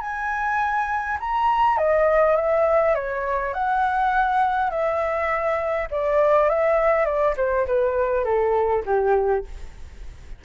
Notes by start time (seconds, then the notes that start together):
0.00 G#5
1.20 A#5
1.78 D#5
2.36 E5
2.94 C#5
3.53 F#5
4.70 E5
5.90 D5
6.49 E5
7.05 D5
7.37 C5
7.67 B4
8.24 A4
8.86 G4